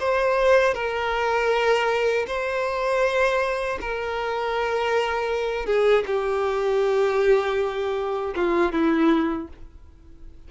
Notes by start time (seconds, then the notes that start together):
0.00 C5
0.74 A#4
2.28 C5
3.81 A#4
5.67 G#4
6.07 G4
8.36 F4
8.72 E4